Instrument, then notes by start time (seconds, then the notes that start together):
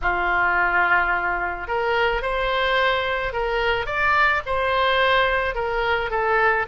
oboe
0.01 F4
1.67 A#4
2.22 C5
3.33 A#4
3.86 D5
4.46 C5
5.54 A#4
6.10 A4